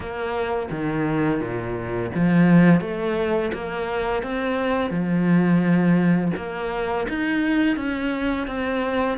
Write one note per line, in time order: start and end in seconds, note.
0.00 0.69 A#3
0.70 1.40 D#3
1.40 2.10 A#2
2.15 2.80 F3
2.80 3.51 A3
3.53 4.22 A#3
4.22 4.90 C4
4.90 6.31 F3
6.36 7.07 A#3
7.08 7.76 D#4
7.76 8.47 C#4
8.47 9.18 C4